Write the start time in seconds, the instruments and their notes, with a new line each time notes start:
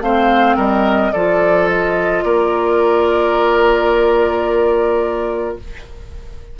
0.00 bassoon A3, clarinet C4, oboe C5, flute F5
0.56 bassoon G3, oboe A#4, flute D#5
1.12 bassoon F3, clarinet F4, oboe A4, flute D5
1.69 flute D#5
2.23 bassoon A#3, oboe A#4, flute D5